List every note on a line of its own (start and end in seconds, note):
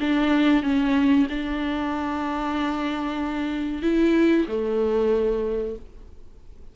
0.00 0.63 D4
0.63 1.27 C#4
1.30 3.83 D4
3.83 4.47 E4
4.48 5.76 A3